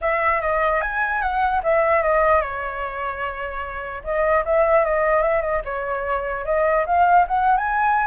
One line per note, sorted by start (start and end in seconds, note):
0.01 0.41 E5
0.41 0.81 D#5
0.81 1.21 G#5
1.21 1.61 F#5
1.63 2.02 E5
2.02 2.41 D#5
2.41 4.02 C#5
4.03 4.44 D#5
4.45 4.84 E5
4.84 5.22 D#5
5.22 5.41 E5
5.41 5.62 D#5
5.64 6.45 C#5
6.45 6.85 D#5
6.86 7.26 F5
7.27 7.57 F#5
7.57 8.06 G#5